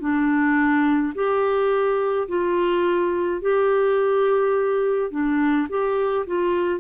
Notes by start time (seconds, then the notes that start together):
0.00 D4
1.15 G4
2.28 F4
3.42 G4
5.11 D4
5.69 G4
6.27 F4